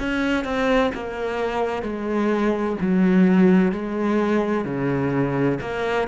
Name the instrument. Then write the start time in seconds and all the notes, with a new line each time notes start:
cello
0.00 C#4
0.45 C4
0.95 A#3
1.83 G#3
2.82 F#3
3.72 G#3
4.65 C#3
5.61 A#3